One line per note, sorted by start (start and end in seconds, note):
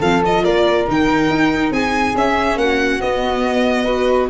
0.00 0.44 F3
0.00 0.24 C4
0.00 0.43 A4
0.00 0.23 F5
0.24 0.88 F4
0.24 0.44 D#5
0.44 0.87 A#3
0.44 1.72 A#4
0.44 0.87 D5
0.88 1.30 D#3
0.88 2.16 D#4
0.88 1.73 G5
1.30 1.71 D#4
1.71 2.14 C4
1.71 2.58 G#4
1.71 2.16 G#5
2.15 2.56 C#4
2.15 3.01 C#4
2.15 2.59 E5
2.56 2.99 A#3
2.56 3.85 F#4
2.56 3.01 F#5
3.01 4.29 B3
3.01 3.86 B3
3.01 4.30 D#5
3.85 4.29 F#4
3.85 4.28 B4